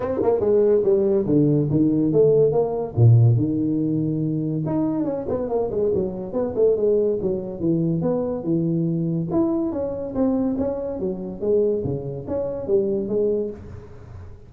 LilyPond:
\new Staff \with { instrumentName = "tuba" } { \time 4/4 \tempo 4 = 142 c'8 ais8 gis4 g4 d4 | dis4 a4 ais4 ais,4 | dis2. dis'4 | cis'8 b8 ais8 gis8 fis4 b8 a8 |
gis4 fis4 e4 b4 | e2 e'4 cis'4 | c'4 cis'4 fis4 gis4 | cis4 cis'4 g4 gis4 | }